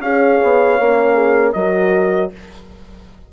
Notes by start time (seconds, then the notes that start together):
0.00 C#4 G#4 C#5 F5
0.43 B3
0.79 A#3 C#4
1.14 G#4
1.53 F#3 F#4 A#4 D#5